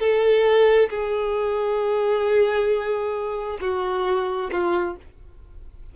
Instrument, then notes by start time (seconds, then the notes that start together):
violin
0.00 A4
0.90 G#4
3.61 F#4
4.52 F4